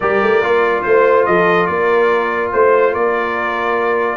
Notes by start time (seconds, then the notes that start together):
0.00 G3 G4 A#4 D5
0.22 A3
0.41 A#3 F4
0.82 A3 C5
1.25 F3 A4 D#5
1.66 A#3 A#4 D5
2.52 A3 C5
2.92 A#3 A#4 D5